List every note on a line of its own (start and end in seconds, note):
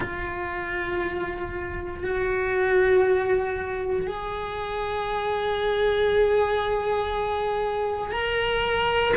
0.00 2.03 F4
2.03 4.06 F#4
4.06 8.11 G#4
8.11 9.13 A#4